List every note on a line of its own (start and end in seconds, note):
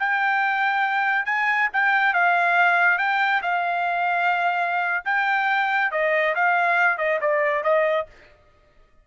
0.00 1.26 G5
1.26 1.69 G#5
1.74 2.14 G5
2.14 2.99 F5
2.99 3.42 G5
3.43 5.05 F5
5.05 5.92 G5
5.92 6.35 D#5
6.35 6.98 F5
6.98 7.20 D#5
7.22 7.64 D5
7.64 8.07 D#5